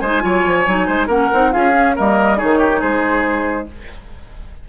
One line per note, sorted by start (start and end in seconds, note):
0.00 0.23 G#3
0.00 0.21 D#4
0.00 0.23 C5
0.00 1.08 G#5
0.21 0.46 F#3
0.21 0.64 F4
0.21 0.87 C#5
0.46 0.68 F3
0.68 0.88 F#3
0.68 1.09 D#4
0.87 1.08 G#3
0.87 1.08 C5
1.08 1.29 A#3
1.08 1.31 C#4
1.08 1.51 A#4
1.08 1.53 F#5
1.34 1.55 C4
1.34 1.53 D#4
1.53 1.99 C#4
1.53 1.71 F4
1.53 1.96 G#4
1.53 1.96 F5
1.71 1.93 C#4
1.96 2.42 G3
1.96 2.37 A#3
1.96 2.38 A#4
1.96 2.39 D#5
2.37 2.83 D#3
2.37 3.67 D#4
2.37 2.59 G#4
2.37 2.82 C#5
2.59 2.81 G4
2.81 3.69 G#3
2.81 3.67 G#4
2.81 3.69 C5